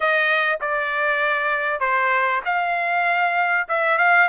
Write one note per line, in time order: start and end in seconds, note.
0.00 0.59 D#5
0.60 1.79 D5
1.79 2.41 C5
2.45 3.67 F5
3.68 3.98 E5
3.98 4.28 F5